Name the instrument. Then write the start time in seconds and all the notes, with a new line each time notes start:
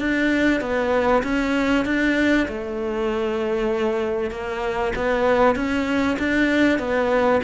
cello
0.00 D4
0.61 B3
1.23 C#4
1.86 D4
2.48 A3
4.31 A#3
4.96 B3
5.56 C#4
6.19 D4
6.79 B3